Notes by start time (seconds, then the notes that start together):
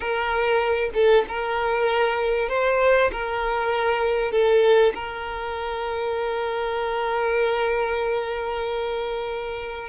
0.00 A#4
0.94 A4
1.28 A#4
2.49 C5
3.12 A#4
4.31 A4
4.94 A#4